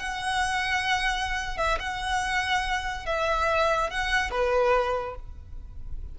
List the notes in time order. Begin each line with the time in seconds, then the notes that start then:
0.00 F#5
1.58 E5
1.80 F#5
3.06 E5
3.90 F#5
4.31 B4